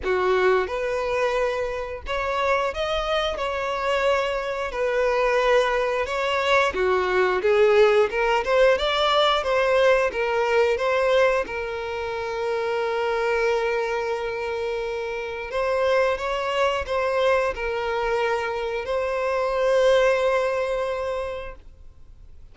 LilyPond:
\new Staff \with { instrumentName = "violin" } { \time 4/4 \tempo 4 = 89 fis'4 b'2 cis''4 | dis''4 cis''2 b'4~ | b'4 cis''4 fis'4 gis'4 | ais'8 c''8 d''4 c''4 ais'4 |
c''4 ais'2.~ | ais'2. c''4 | cis''4 c''4 ais'2 | c''1 | }